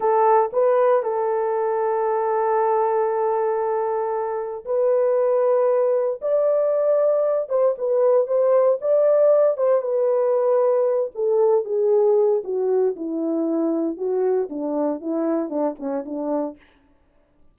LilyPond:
\new Staff \with { instrumentName = "horn" } { \time 4/4 \tempo 4 = 116 a'4 b'4 a'2~ | a'1~ | a'4 b'2. | d''2~ d''8 c''8 b'4 |
c''4 d''4. c''8 b'4~ | b'4. a'4 gis'4. | fis'4 e'2 fis'4 | d'4 e'4 d'8 cis'8 d'4 | }